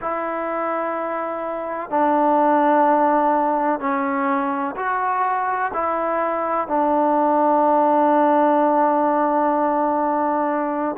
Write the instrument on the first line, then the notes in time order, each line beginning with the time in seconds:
trombone
0.01 E4
1.90 D4
3.79 C#4
4.76 F#4
5.73 E4
6.67 D4